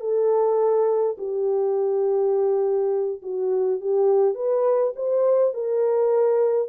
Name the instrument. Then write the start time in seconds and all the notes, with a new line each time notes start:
horn
0.00 A4
1.18 G4
3.22 F#4
3.80 G4
4.35 B4
4.95 C5
5.54 A#4